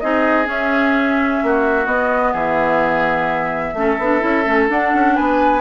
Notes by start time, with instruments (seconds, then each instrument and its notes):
0.00 bassoon C4, clarinet D#4, oboe G#4, flute D#5
0.45 clarinet C#4, bassoon C#4, flute E5
1.43 bassoon A#3, oboe F#4
1.86 bassoon B3, clarinet B3, flute D#5
2.32 bassoon E3, oboe G#4, flute E5
3.73 bassoon A3, clarinet C#4, oboe A4
3.98 bassoon B3, clarinet D4
4.20 bassoon C#4, clarinet E4
4.45 bassoon A3, clarinet C#4
4.68 clarinet D4, bassoon D4, flute F#5
4.94 bassoon C#4
5.15 bassoon B3, oboe B4, flute G#5